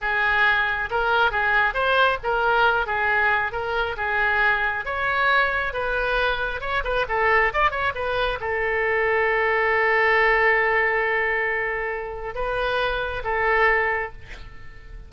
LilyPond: \new Staff \with { instrumentName = "oboe" } { \time 4/4 \tempo 4 = 136 gis'2 ais'4 gis'4 | c''4 ais'4. gis'4. | ais'4 gis'2 cis''4~ | cis''4 b'2 cis''8 b'8 |
a'4 d''8 cis''8 b'4 a'4~ | a'1~ | a'1 | b'2 a'2 | }